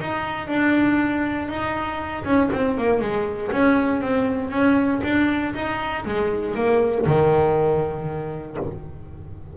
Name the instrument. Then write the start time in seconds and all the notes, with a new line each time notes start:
double bass
0.00 D#4
0.48 D4
1.49 D#4
2.24 C#4
2.52 C4
2.78 A#3
3.01 G#3
3.52 C#4
4.01 C4
4.51 C#4
5.04 D4
5.55 D#4
6.05 G#3
6.55 A#3
7.06 D#3